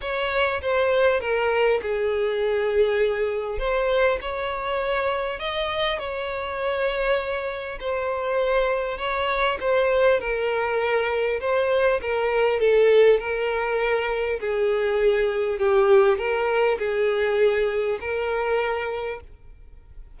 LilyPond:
\new Staff \with { instrumentName = "violin" } { \time 4/4 \tempo 4 = 100 cis''4 c''4 ais'4 gis'4~ | gis'2 c''4 cis''4~ | cis''4 dis''4 cis''2~ | cis''4 c''2 cis''4 |
c''4 ais'2 c''4 | ais'4 a'4 ais'2 | gis'2 g'4 ais'4 | gis'2 ais'2 | }